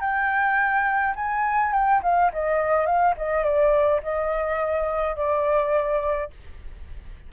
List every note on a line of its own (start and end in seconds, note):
0.00 1.14 G5
1.15 1.72 G#5
1.72 2.01 G5
2.03 2.31 F5
2.32 2.85 D#5
2.85 3.14 F5
3.17 3.43 D#5
3.43 4.01 D5
4.03 5.16 D#5
5.16 6.30 D5